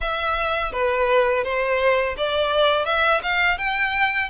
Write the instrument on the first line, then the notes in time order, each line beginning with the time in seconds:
violin
0.00 E5
0.72 B4
1.44 C5
2.17 D5
2.85 E5
3.22 F5
3.57 G5